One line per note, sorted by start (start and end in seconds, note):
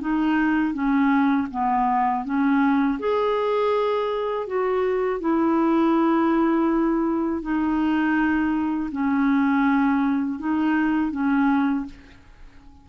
0.00 0.73 D#4
0.73 1.47 C#4
1.51 2.25 B3
2.25 2.99 C#4
2.99 4.46 G#4
4.46 5.20 F#4
5.20 7.42 E4
7.42 8.90 D#4
8.91 10.39 C#4
10.39 11.11 D#4
11.11 11.85 C#4